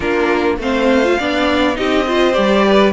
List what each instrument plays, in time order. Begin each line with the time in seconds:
0.00 cello A#3, viola D4, violin F4 A#4
0.58 cello A3, viola C4, violin C5 F5
1.04 viola F4
1.18 cello B3, viola D4, violin D5
1.75 cello C4, viola D#4, violin G4 D#5
2.06 viola F4, violin C5
2.33 cello G3, viola G4, violin D5
2.66 violin B4